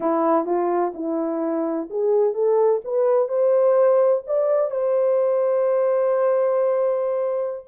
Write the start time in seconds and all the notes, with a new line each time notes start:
0.00 E4
0.45 F4
0.94 E4
1.90 G#4
2.33 A4
2.84 B4
3.28 C5
4.26 D5
4.70 C5